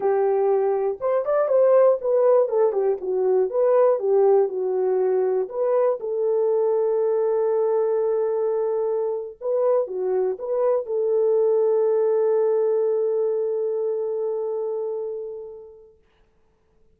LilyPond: \new Staff \with { instrumentName = "horn" } { \time 4/4 \tempo 4 = 120 g'2 c''8 d''8 c''4 | b'4 a'8 g'8 fis'4 b'4 | g'4 fis'2 b'4 | a'1~ |
a'2~ a'8. b'4 fis'16~ | fis'8. b'4 a'2~ a'16~ | a'1~ | a'1 | }